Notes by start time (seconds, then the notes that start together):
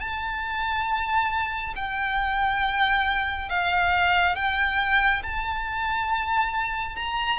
0.00 A5
1.75 G5
3.49 F5
4.35 G5
5.23 A5
6.96 A#5